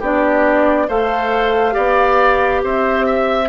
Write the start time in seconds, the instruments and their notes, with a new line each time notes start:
0.00 bassoon B3, clarinet D4, oboe G4, flute D5
0.88 bassoon A3, clarinet A4, oboe C5, flute F5
1.71 bassoon B3, clarinet G4, oboe D5
2.64 bassoon C4, oboe C5, flute E5
3.06 oboe E5